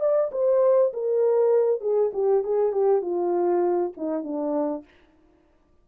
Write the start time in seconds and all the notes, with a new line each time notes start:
0.00 D5
0.32 C5
0.93 A#4
1.81 G#4
2.13 G4
2.44 G#4
2.72 G4
3.02 F4
3.97 D#4
4.24 D4